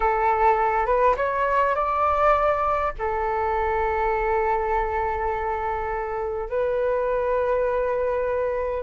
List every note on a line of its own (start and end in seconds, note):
0.00 0.86 A4
0.86 1.15 B4
1.16 1.75 C#5
1.75 2.93 D5
2.98 6.49 A4
6.49 8.83 B4